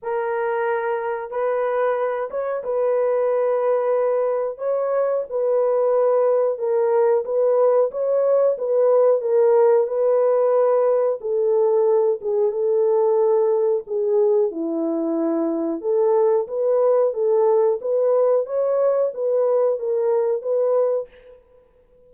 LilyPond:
\new Staff \with { instrumentName = "horn" } { \time 4/4 \tempo 4 = 91 ais'2 b'4. cis''8 | b'2. cis''4 | b'2 ais'4 b'4 | cis''4 b'4 ais'4 b'4~ |
b'4 a'4. gis'8 a'4~ | a'4 gis'4 e'2 | a'4 b'4 a'4 b'4 | cis''4 b'4 ais'4 b'4 | }